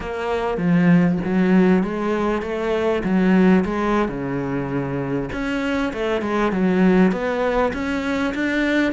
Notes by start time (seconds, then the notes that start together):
0.00 A#3
0.57 F3
1.24 F#3
1.83 G#3
2.42 A3
3.03 F#3
3.64 G#3
4.08 C#3
5.32 C#4
5.93 A3
6.21 G#3
6.52 F#3
7.12 B3
7.73 C#4
8.34 D4